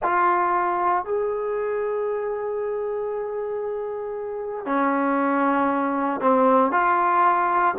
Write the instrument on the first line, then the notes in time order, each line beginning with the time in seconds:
trombone
0.03 F4
1.04 G#4
4.65 C#4
6.20 C4
6.71 F4